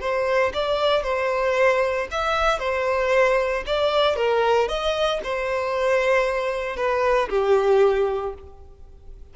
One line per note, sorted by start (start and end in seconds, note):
0.00 0.52 C5
0.53 1.03 D5
1.03 2.07 C5
2.11 2.59 E5
2.59 3.63 C5
3.66 4.16 D5
4.16 4.68 A#4
4.68 5.20 D#5
5.23 6.76 C5
6.76 7.28 B4
7.29 8.33 G4